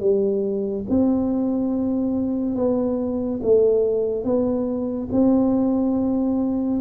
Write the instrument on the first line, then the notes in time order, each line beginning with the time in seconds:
tuba
0.00 G3
0.90 C4
2.56 B3
3.43 A3
4.24 B3
5.12 C4